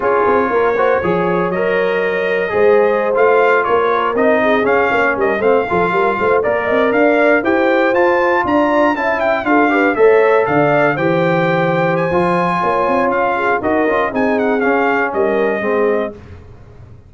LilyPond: <<
  \new Staff \with { instrumentName = "trumpet" } { \time 4/4 \tempo 4 = 119 cis''2. dis''4~ | dis''2~ dis''16 f''4 cis''8.~ | cis''16 dis''4 f''4 dis''8 f''4~ f''16~ | f''8. d''4 f''4 g''4 a''16~ |
a''8. ais''4 a''8 g''8 f''4 e''16~ | e''8. f''4 g''2 gis''16~ | gis''2 f''4 dis''4 | gis''8 fis''8 f''4 dis''2 | }
  \new Staff \with { instrumentName = "horn" } { \time 4/4 gis'4 ais'8 c''8 cis''2~ | cis''4 c''2~ c''16 ais'8.~ | ais'8. gis'4 cis''8 ais'8 c''8 a'8 ais'16~ | ais'16 c''8 d''8 dis''8 d''4 c''4~ c''16~ |
c''8. d''4 e''4 a'8 b'8 cis''16~ | cis''8. d''4 c''2~ c''16~ | c''4 cis''4. gis'8 ais'4 | gis'2 ais'4 gis'4 | }
  \new Staff \with { instrumentName = "trombone" } { \time 4/4 f'4. fis'8 gis'4 ais'4~ | ais'4 gis'4~ gis'16 f'4.~ f'16~ | f'16 dis'4 cis'4. c'8 f'8.~ | f'8. ais'2 g'4 f'16~ |
f'4.~ f'16 e'4 f'8 g'8 a'16~ | a'4.~ a'16 g'2~ g'16 | f'2. fis'8 f'8 | dis'4 cis'2 c'4 | }
  \new Staff \with { instrumentName = "tuba" } { \time 4/4 cis'8 c'8 ais4 f4 fis4~ | fis4 gis4~ gis16 a4 ais8.~ | ais16 c'4 cis'8 ais8 g8 a8 f8 g16~ | g16 a8 ais8 c'8 d'4 e'4 f'16~ |
f'8. d'4 cis'4 d'4 a16~ | a8. d4 e2~ e16 | f4 ais8 c'8 cis'4 dis'8 cis'8 | c'4 cis'4 g4 gis4 | }
>>